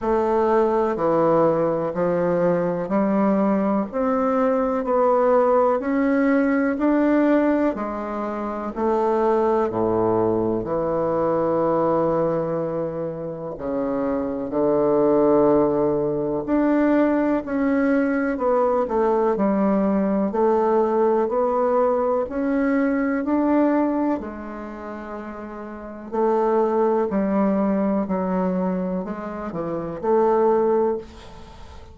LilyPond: \new Staff \with { instrumentName = "bassoon" } { \time 4/4 \tempo 4 = 62 a4 e4 f4 g4 | c'4 b4 cis'4 d'4 | gis4 a4 a,4 e4~ | e2 cis4 d4~ |
d4 d'4 cis'4 b8 a8 | g4 a4 b4 cis'4 | d'4 gis2 a4 | g4 fis4 gis8 e8 a4 | }